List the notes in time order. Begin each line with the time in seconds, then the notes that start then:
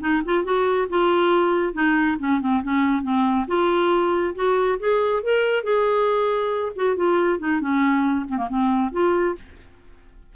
0.00 D#4
0.25 F4
0.44 F#4
0.89 F4
1.73 D#4
2.19 C#4
2.41 C4
2.63 C#4
3.02 C4
3.47 F4
4.35 F#4
4.79 G#4
5.23 A#4
5.63 G#4
6.75 F#4
6.96 F4
7.39 D#4
7.60 C#4
8.28 C4
8.37 A#3
8.49 C4
8.92 F4